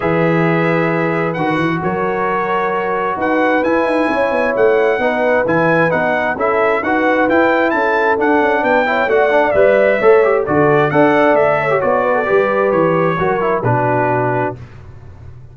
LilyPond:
<<
  \new Staff \with { instrumentName = "trumpet" } { \time 4/4 \tempo 4 = 132 e''2. fis''4 | cis''2. fis''4 | gis''2 fis''2 | gis''4 fis''4 e''4 fis''4 |
g''4 a''4 fis''4 g''4 | fis''4 e''2 d''4 | fis''4 e''4 d''2 | cis''2 b'2 | }
  \new Staff \with { instrumentName = "horn" } { \time 4/4 b'1 | ais'2. b'4~ | b'4 cis''2 b'4~ | b'2 a'4 b'4~ |
b'4 a'2 b'8 cis''8 | d''2 cis''4 a'4 | d''4. cis''4 b'16 a'16 b'4~ | b'4 ais'4 fis'2 | }
  \new Staff \with { instrumentName = "trombone" } { \time 4/4 gis'2. fis'4~ | fis'1 | e'2. dis'4 | e'4 dis'4 e'4 fis'4 |
e'2 d'4. e'8 | fis'8 d'8 b'4 a'8 g'8 fis'4 | a'4.~ a'16 g'16 fis'4 g'4~ | g'4 fis'8 e'8 d'2 | }
  \new Staff \with { instrumentName = "tuba" } { \time 4/4 e2. dis8 e8 | fis2. dis'4 | e'8 dis'8 cis'8 b8 a4 b4 | e4 b4 cis'4 dis'4 |
e'4 cis'4 d'8 cis'8 b4 | a4 g4 a4 d4 | d'4 a4 b4 g4 | e4 fis4 b,2 | }
>>